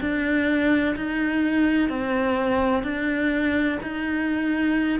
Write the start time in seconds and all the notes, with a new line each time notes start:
0.00 D4
0.96 D#4
1.89 C4
2.83 D4
3.82 D#4